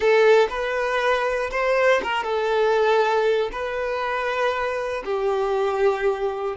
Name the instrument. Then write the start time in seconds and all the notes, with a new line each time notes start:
violin
0.00 A4
0.49 B4
1.50 C5
2.03 A#4
2.23 A4
3.52 B4
5.04 G4